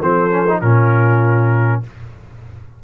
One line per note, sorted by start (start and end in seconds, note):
0.00 0.62 F3
0.00 0.31 C4
0.00 0.61 A4
0.00 0.61 C5
0.31 0.46 C#4
0.48 0.63 D#4
0.61 1.83 A#2
0.61 1.84 C#4
0.61 1.82 F4
0.61 1.82 A#4